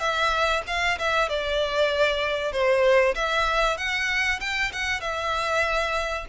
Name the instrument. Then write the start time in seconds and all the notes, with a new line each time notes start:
violin
0.00 E5
0.67 F5
0.99 E5
1.29 D5
2.52 C5
3.15 E5
3.78 F#5
4.41 G5
4.73 F#5
5.01 E5